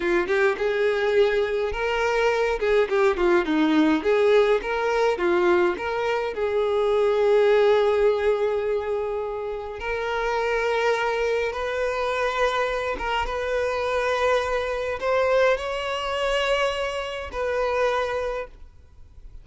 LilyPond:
\new Staff \with { instrumentName = "violin" } { \time 4/4 \tempo 4 = 104 f'8 g'8 gis'2 ais'4~ | ais'8 gis'8 g'8 f'8 dis'4 gis'4 | ais'4 f'4 ais'4 gis'4~ | gis'1~ |
gis'4 ais'2. | b'2~ b'8 ais'8 b'4~ | b'2 c''4 cis''4~ | cis''2 b'2 | }